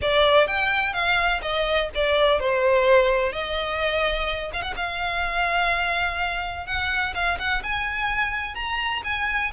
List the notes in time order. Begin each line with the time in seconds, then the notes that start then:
0.01 D5
0.47 G5
0.93 F5
1.42 D#5
1.94 D5
2.39 C5
3.32 D#5
4.53 F5
4.62 F#5
4.76 F5
6.66 F#5
7.14 F5
7.38 F#5
7.63 G#5
8.54 A#5
9.03 G#5